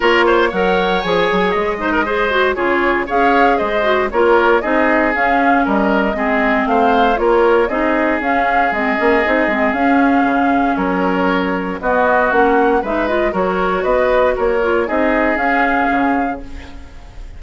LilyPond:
<<
  \new Staff \with { instrumentName = "flute" } { \time 4/4 \tempo 4 = 117 cis''4 fis''4 gis''4 dis''4~ | dis''4 cis''4 f''4 dis''4 | cis''4 dis''4 f''4 dis''4~ | dis''4 f''4 cis''4 dis''4 |
f''4 dis''2 f''4~ | f''4 cis''2 dis''4 | fis''4 e''8 dis''8 cis''4 dis''4 | cis''4 dis''4 f''2 | }
  \new Staff \with { instrumentName = "oboe" } { \time 4/4 ais'8 c''8 cis''2~ cis''8 c''16 ais'16 | c''4 gis'4 cis''4 c''4 | ais'4 gis'2 ais'4 | gis'4 c''4 ais'4 gis'4~ |
gis'1~ | gis'4 ais'2 fis'4~ | fis'4 b'4 ais'4 b'4 | ais'4 gis'2. | }
  \new Staff \with { instrumentName = "clarinet" } { \time 4/4 f'4 ais'4 gis'4. dis'8 | gis'8 fis'8 f'4 gis'4. fis'8 | f'4 dis'4 cis'2 | c'2 f'4 dis'4 |
cis'4 c'8 cis'8 dis'8 c'8 cis'4~ | cis'2. b4 | cis'4 dis'8 f'8 fis'2~ | fis'8 f'8 dis'4 cis'2 | }
  \new Staff \with { instrumentName = "bassoon" } { \time 4/4 ais4 fis4 f8 fis8 gis4~ | gis4 cis4 cis'4 gis4 | ais4 c'4 cis'4 g4 | gis4 a4 ais4 c'4 |
cis'4 gis8 ais8 c'8 gis8 cis'4 | cis4 fis2 b4 | ais4 gis4 fis4 b4 | ais4 c'4 cis'4 cis4 | }
>>